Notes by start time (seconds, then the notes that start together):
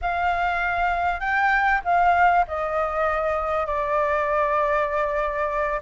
0.01 F5
1.20 G5
1.84 F5
2.47 D#5
3.66 D5